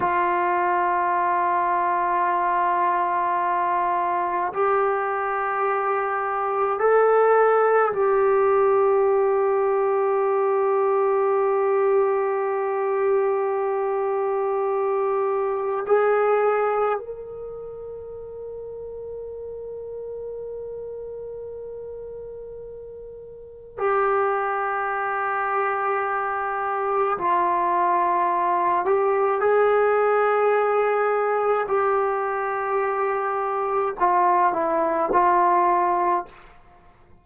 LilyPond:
\new Staff \with { instrumentName = "trombone" } { \time 4/4 \tempo 4 = 53 f'1 | g'2 a'4 g'4~ | g'1~ | g'2 gis'4 ais'4~ |
ais'1~ | ais'4 g'2. | f'4. g'8 gis'2 | g'2 f'8 e'8 f'4 | }